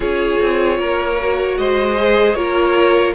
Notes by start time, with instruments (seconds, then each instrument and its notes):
0.00 cello C#4, viola F4, violin G#4 C#5
0.41 cello C4
0.78 cello A#3, violin A#4
1.20 viola F#4
1.58 cello G#3, violin C5 D#5
1.97 viola G#4
2.34 cello A#3, viola F4, violin A#4 C#5